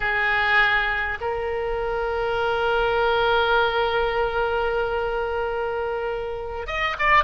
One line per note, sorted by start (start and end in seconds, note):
0.00 1.18 G#4
1.20 6.66 A#4
6.66 6.96 D#5
6.98 7.23 D5